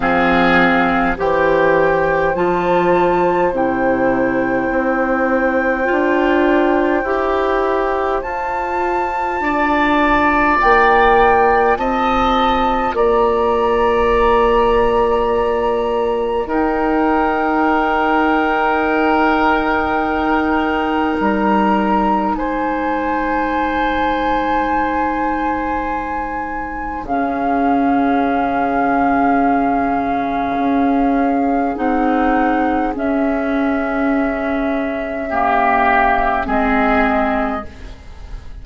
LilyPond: <<
  \new Staff \with { instrumentName = "flute" } { \time 4/4 \tempo 4 = 51 f''4 g''4 a''4 g''4~ | g''2. a''4~ | a''4 g''4 a''4 ais''4~ | ais''2 g''2~ |
g''2 ais''4 gis''4~ | gis''2. f''4~ | f''2. fis''4 | e''2. dis''4 | }
  \new Staff \with { instrumentName = "oboe" } { \time 4/4 gis'4 c''2.~ | c''1 | d''2 dis''4 d''4~ | d''2 ais'2~ |
ais'2. c''4~ | c''2. gis'4~ | gis'1~ | gis'2 g'4 gis'4 | }
  \new Staff \with { instrumentName = "clarinet" } { \time 4/4 c'4 g'4 f'4 e'4~ | e'4 f'4 g'4 f'4~ | f'1~ | f'2 dis'2~ |
dis'1~ | dis'2. cis'4~ | cis'2. dis'4 | cis'2 ais4 c'4 | }
  \new Staff \with { instrumentName = "bassoon" } { \time 4/4 f4 e4 f4 c4 | c'4 d'4 e'4 f'4 | d'4 ais4 c'4 ais4~ | ais2 dis'2~ |
dis'2 g4 gis4~ | gis2. cis4~ | cis2 cis'4 c'4 | cis'2. gis4 | }
>>